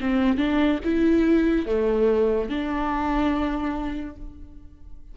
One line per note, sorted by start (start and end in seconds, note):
0.00 0.37 C4
0.37 0.79 D4
0.84 1.66 E4
1.66 2.49 A3
2.49 4.16 D4